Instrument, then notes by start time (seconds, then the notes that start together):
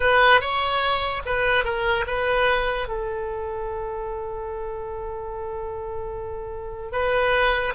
oboe
0.00 B4
0.40 C#5
1.25 B4
1.64 A#4
2.06 B4
2.88 A4
6.91 B4